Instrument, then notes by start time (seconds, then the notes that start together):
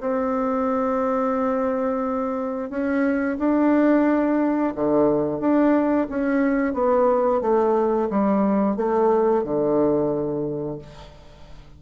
bassoon
0.00 C4
2.70 C#4
3.39 D4
4.75 D3
5.40 D4
6.09 C#4
6.74 B3
7.41 A3
8.10 G3
8.76 A3
9.44 D3